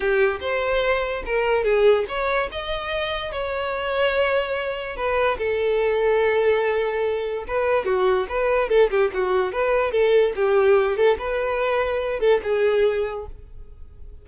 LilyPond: \new Staff \with { instrumentName = "violin" } { \time 4/4 \tempo 4 = 145 g'4 c''2 ais'4 | gis'4 cis''4 dis''2 | cis''1 | b'4 a'2.~ |
a'2 b'4 fis'4 | b'4 a'8 g'8 fis'4 b'4 | a'4 g'4. a'8 b'4~ | b'4. a'8 gis'2 | }